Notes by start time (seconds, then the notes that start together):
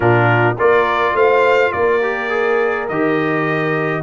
0.00 A#2 D4 F4 A#4
0.57 A#3 F4 A#4 D5
1.13 A3 C5 F5
1.72 A#3 A#4 D5
2.01 G4
2.29 G#4
2.88 D#3 G4 D#5